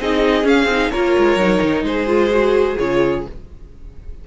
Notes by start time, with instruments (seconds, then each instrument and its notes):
0.00 cello C4, viola D#4, violin G#4 D#5
0.44 viola C#4, cello C#4, violin F5
0.64 cello C4
0.71 viola D#4
0.91 cello A#3, viola F4, violin A#4 C#5
1.18 cello G#3
1.36 cello F#3, viola D#4
1.62 cello D#3
1.83 cello G#3, violin G#4 C5
2.07 viola F4
2.30 viola F#4
2.78 cello C#3, viola F4, violin C#5